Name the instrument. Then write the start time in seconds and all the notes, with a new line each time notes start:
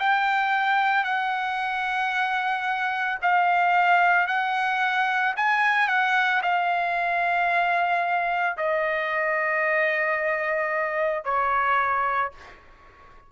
trumpet
0.00 G5
1.04 F#5
3.22 F5
4.28 F#5
5.37 G#5
5.88 F#5
6.42 F5
8.58 D#5
11.25 C#5